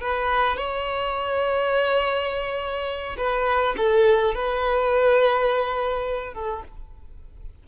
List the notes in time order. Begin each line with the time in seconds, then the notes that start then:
0.00 B4
0.57 C#5
3.17 B4
3.77 A4
4.34 B4
6.34 A4